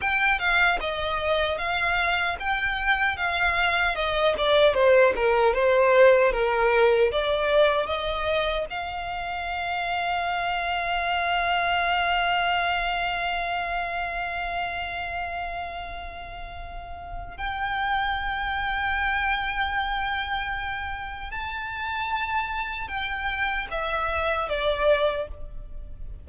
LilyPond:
\new Staff \with { instrumentName = "violin" } { \time 4/4 \tempo 4 = 76 g''8 f''8 dis''4 f''4 g''4 | f''4 dis''8 d''8 c''8 ais'8 c''4 | ais'4 d''4 dis''4 f''4~ | f''1~ |
f''1~ | f''2 g''2~ | g''2. a''4~ | a''4 g''4 e''4 d''4 | }